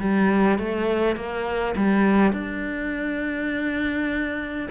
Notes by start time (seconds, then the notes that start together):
0.00 G3
0.59 A3
1.17 A#3
1.76 G3
2.33 D4